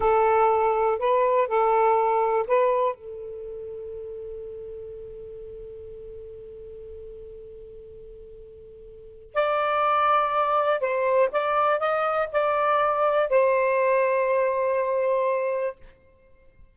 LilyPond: \new Staff \with { instrumentName = "saxophone" } { \time 4/4 \tempo 4 = 122 a'2 b'4 a'4~ | a'4 b'4 a'2~ | a'1~ | a'1~ |
a'2. d''4~ | d''2 c''4 d''4 | dis''4 d''2 c''4~ | c''1 | }